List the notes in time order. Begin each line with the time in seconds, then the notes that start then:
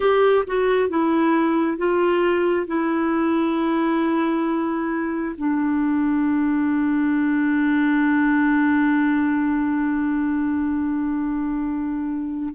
0.00 G4
0.46 F#4
0.89 E4
1.77 F4
2.66 E4
5.37 D4